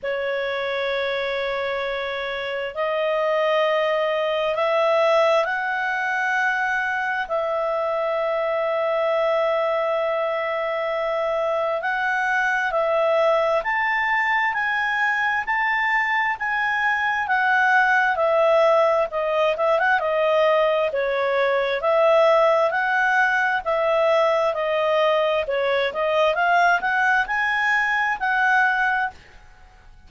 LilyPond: \new Staff \with { instrumentName = "clarinet" } { \time 4/4 \tempo 4 = 66 cis''2. dis''4~ | dis''4 e''4 fis''2 | e''1~ | e''4 fis''4 e''4 a''4 |
gis''4 a''4 gis''4 fis''4 | e''4 dis''8 e''16 fis''16 dis''4 cis''4 | e''4 fis''4 e''4 dis''4 | cis''8 dis''8 f''8 fis''8 gis''4 fis''4 | }